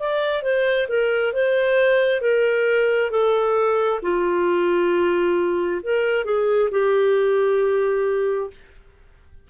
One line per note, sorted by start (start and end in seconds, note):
0.00 0.43 D5
0.43 0.88 C5
0.89 1.33 A#4
1.33 2.21 C5
2.21 3.11 A#4
3.11 4.01 A4
4.03 5.82 F4
5.83 6.25 A#4
6.25 6.70 G#4
6.71 8.50 G4